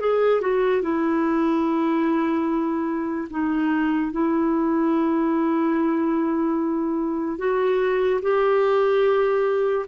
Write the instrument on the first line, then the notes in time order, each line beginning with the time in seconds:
clarinet
0.00 G#4
0.41 F#4
0.81 E4
3.30 D#4
4.11 E4
7.38 F#4
8.22 G4